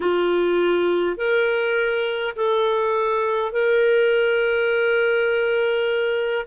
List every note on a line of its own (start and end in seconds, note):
0.00 1.17 F4
1.17 2.34 A#4
2.35 3.51 A4
3.51 6.45 A#4